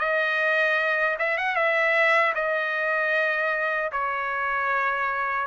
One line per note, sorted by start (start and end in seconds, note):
0.00 1.17 D#5
1.19 1.38 E5
1.38 1.56 F#5
1.56 2.34 E5
2.35 3.91 D#5
3.92 5.47 C#5